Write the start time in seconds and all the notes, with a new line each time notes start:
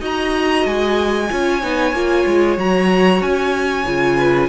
0.00 D#4 F#4 D#5 A#5
0.65 G#3 G#5
1.30 C#4 F4 C#5
1.62 B3 D#4
1.93 A#3 F4
2.26 G#3
2.57 F#3 F#4 A#5
3.21 C#4 G#5
3.86 C#3 F4
4.16 B4